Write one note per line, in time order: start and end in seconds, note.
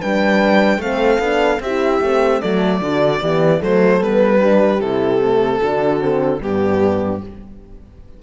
0.00 0.78 G3
0.00 0.81 D4
0.00 0.80 B4
0.00 0.82 G5
0.78 1.18 A3
0.78 1.21 C4
0.78 1.62 A4
0.78 1.62 F5
1.19 1.59 B3
1.19 1.61 D4
1.60 2.00 C4
1.60 2.04 E4
1.60 2.41 G4
1.60 2.41 E5
2.01 2.41 A3
2.01 2.43 C4
2.41 2.81 F#3
2.41 2.82 A3
2.41 2.81 A4
2.41 3.61 D5
2.81 3.21 D3
2.81 3.22 D4
2.81 3.22 F#4
3.22 3.62 E3
3.22 3.62 B3
3.22 3.59 G4
3.59 4.01 F#3
3.59 4.00 A3
3.59 4.39 A4
3.59 4.03 C5
4.00 4.81 G3
4.00 4.40 B3
4.00 4.81 B4
4.40 4.80 D4
4.40 5.60 G4
4.81 5.61 C3
4.81 5.21 E4
4.81 6.41 A4
5.21 5.61 A3
5.60 6.41 D3
5.60 6.00 D4
5.60 6.40 F#4
6.00 6.40 C4
6.41 7.21 G2
6.41 7.23 B3
6.41 7.23 D4
6.41 7.23 G4